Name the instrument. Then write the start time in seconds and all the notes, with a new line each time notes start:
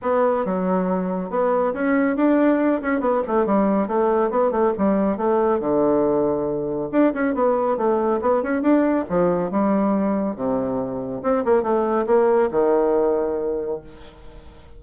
bassoon
0.02 B3
0.45 F#3
1.30 B3
1.73 C#4
2.16 D4
2.81 C#4
3.00 B3
3.27 A3
3.46 G3
3.87 A3
4.30 B3
4.51 A3
4.78 G3
5.17 A3
5.60 D3
6.91 D4
7.13 C#4
7.34 B3
7.77 A3
8.21 B3
8.43 C#4
8.61 D4
9.09 F3
9.51 G3
10.35 C3
11.22 C4
11.45 A#3
11.63 A3
12.06 A#3
12.51 D#3